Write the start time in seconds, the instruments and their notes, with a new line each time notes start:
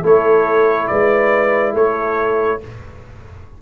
0.00 tuba A3, trombone E4, horn A4, trumpet C#5
0.87 tuba G#3, horn B4, trumpet D5
1.73 tuba A3, horn A4, trumpet C#5